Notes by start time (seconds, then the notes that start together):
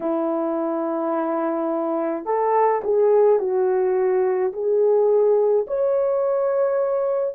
0.00 E4
2.25 A4
2.84 G#4
3.39 F#4
4.52 G#4
5.67 C#5